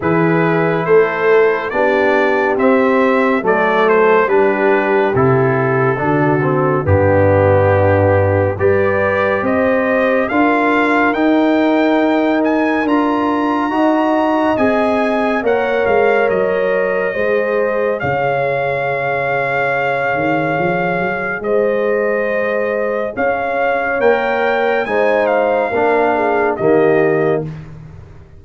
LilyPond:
<<
  \new Staff \with { instrumentName = "trumpet" } { \time 4/4 \tempo 4 = 70 b'4 c''4 d''4 e''4 | d''8 c''8 b'4 a'2 | g'2 d''4 dis''4 | f''4 g''4. gis''8 ais''4~ |
ais''4 gis''4 fis''8 f''8 dis''4~ | dis''4 f''2.~ | f''4 dis''2 f''4 | g''4 gis''8 f''4. dis''4 | }
  \new Staff \with { instrumentName = "horn" } { \time 4/4 gis'4 a'4 g'2 | a'4 g'2 fis'4 | d'2 b'4 c''4 | ais'1 |
dis''2 cis''2 | c''4 cis''2.~ | cis''4 c''2 cis''4~ | cis''4 c''4 ais'8 gis'8 g'4 | }
  \new Staff \with { instrumentName = "trombone" } { \time 4/4 e'2 d'4 c'4 | a4 d'4 e'4 d'8 c'8 | b2 g'2 | f'4 dis'2 f'4 |
fis'4 gis'4 ais'2 | gis'1~ | gis'1 | ais'4 dis'4 d'4 ais4 | }
  \new Staff \with { instrumentName = "tuba" } { \time 4/4 e4 a4 b4 c'4 | fis4 g4 c4 d4 | g,2 g4 c'4 | d'4 dis'2 d'4 |
dis'4 c'4 ais8 gis8 fis4 | gis4 cis2~ cis8 dis8 | f8 fis8 gis2 cis'4 | ais4 gis4 ais4 dis4 | }
>>